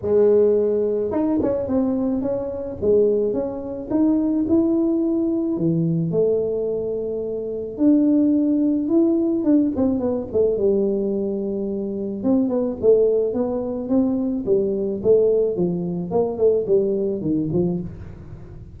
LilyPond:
\new Staff \with { instrumentName = "tuba" } { \time 4/4 \tempo 4 = 108 gis2 dis'8 cis'8 c'4 | cis'4 gis4 cis'4 dis'4 | e'2 e4 a4~ | a2 d'2 |
e'4 d'8 c'8 b8 a8 g4~ | g2 c'8 b8 a4 | b4 c'4 g4 a4 | f4 ais8 a8 g4 dis8 f8 | }